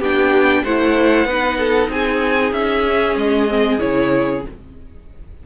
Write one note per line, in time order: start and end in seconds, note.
0.00 0.64 B3
0.00 0.66 D4
0.00 0.63 G4
0.00 0.64 G5
0.63 1.25 A3
0.63 1.28 E4
0.63 1.26 C5
0.63 1.91 F#5
1.25 1.89 B3
1.25 2.86 D#4
1.25 1.58 B4
1.59 1.91 A4
1.89 2.52 C4
1.89 4.46 G#4
1.89 2.53 G#5
2.52 3.15 C#4
2.52 3.16 E5
2.87 3.49 C#4
3.16 3.79 G#3
3.16 3.80 D#5
3.49 3.79 C4
3.79 4.46 C#3
3.79 4.42 E4
3.79 4.43 C#5